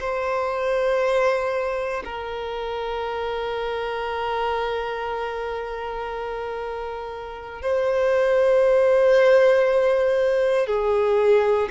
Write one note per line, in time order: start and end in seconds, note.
0.00 2.03 C5
2.05 7.62 A#4
7.62 10.67 C5
10.67 11.69 G#4